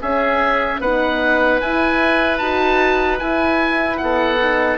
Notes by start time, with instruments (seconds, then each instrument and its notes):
0.00 horn C#4, bassoon C#4, oboe G#4 E5
0.80 bassoon B3, horn D#4, oboe B4 F#5
1.61 horn E4, bassoon E4, oboe G#5
2.38 bassoon D#4, horn F#4, oboe A5
3.19 horn E4, bassoon E4, oboe G#5
3.97 bassoon B3, oboe A4 F#5
4.41 horn D#4